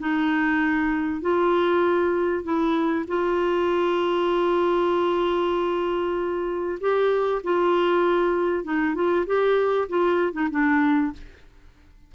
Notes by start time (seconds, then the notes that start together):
0.00 D#4
1.21 F4
2.44 E4
3.08 F4
6.81 G4
7.44 F4
8.64 D#4
8.95 F4
9.26 G4
9.89 F4
10.33 D#4
10.51 D4